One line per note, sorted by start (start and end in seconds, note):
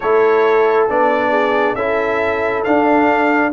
0.00 0.89 A3
0.00 0.89 E4
0.00 1.30 A4
0.00 0.87 C#5
0.89 1.74 B3
0.89 1.77 D4
0.89 1.75 D5
1.30 1.74 G#4
1.74 2.62 C#4
1.74 2.65 E4
1.74 3.52 A4
1.74 2.63 E5
2.64 3.52 D4
2.64 3.52 F5